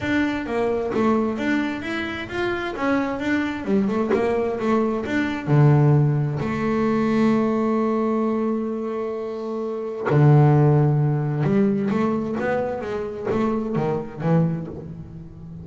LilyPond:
\new Staff \with { instrumentName = "double bass" } { \time 4/4 \tempo 4 = 131 d'4 ais4 a4 d'4 | e'4 f'4 cis'4 d'4 | g8 a8 ais4 a4 d'4 | d2 a2~ |
a1~ | a2 d2~ | d4 g4 a4 b4 | gis4 a4 dis4 e4 | }